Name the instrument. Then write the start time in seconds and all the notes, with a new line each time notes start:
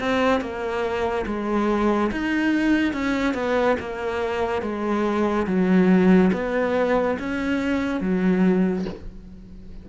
cello
0.00 C4
0.41 A#3
1.26 G#3
2.12 D#4
2.93 C#4
3.35 B3
3.80 A#3
4.62 G#3
5.47 F#3
6.33 B3
7.20 C#4
8.01 F#3